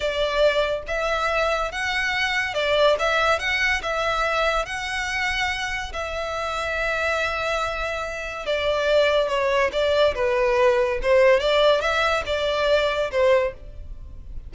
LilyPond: \new Staff \with { instrumentName = "violin" } { \time 4/4 \tempo 4 = 142 d''2 e''2 | fis''2 d''4 e''4 | fis''4 e''2 fis''4~ | fis''2 e''2~ |
e''1 | d''2 cis''4 d''4 | b'2 c''4 d''4 | e''4 d''2 c''4 | }